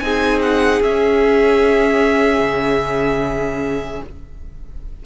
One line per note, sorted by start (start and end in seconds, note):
0.00 0.81 C4
0.00 0.83 D#4
0.00 4.04 G#4
0.00 0.40 G#5
0.43 0.83 F#5
0.82 2.40 C#4
0.82 4.06 C#4
0.82 4.03 E5
2.40 4.00 C#3